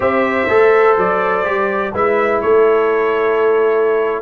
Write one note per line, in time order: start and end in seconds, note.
0.00 0.48 C4
0.00 0.48 G4
0.00 1.92 C5
0.00 0.98 E5
0.49 0.97 A3
0.49 1.44 A4
0.97 1.45 F#3
0.97 1.95 D5
1.44 1.93 G3
1.44 1.92 G4
1.92 2.42 G#3
1.92 4.22 E4
1.92 2.41 B4
1.92 2.41 E5
2.41 4.22 A3
2.41 4.22 A4
2.41 4.22 C#5